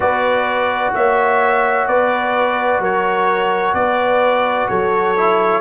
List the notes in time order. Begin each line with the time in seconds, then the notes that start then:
0.00 B3 F#4 B4 D5
0.94 A#3 C#5 E5
1.87 B3 B4 D5
2.79 F#3 A#4 C#5
3.73 B3 B4 D5
4.68 F#3 A4 C#5
5.16 E4